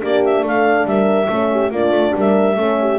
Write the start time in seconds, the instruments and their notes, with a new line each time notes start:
0.00 double bass A#3, horn D4 G4, clarinet D5
0.24 clarinet E5
0.42 double bass A3, horn A4, clarinet F5
0.85 double bass G3, horn A#4, clarinet E5
1.28 double bass A3, horn C#4 A4
1.52 horn G4
1.70 double bass A#3, horn D4 F4, clarinet D5
1.91 double bass A3
2.16 double bass G3, horn A#4, clarinet E5
2.56 double bass A3, horn C#4 A4
2.80 horn G4